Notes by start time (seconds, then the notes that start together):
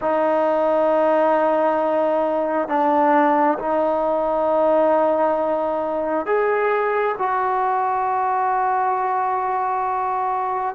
0.01 D#4
2.68 D4
3.58 D#4
6.26 G#4
7.18 F#4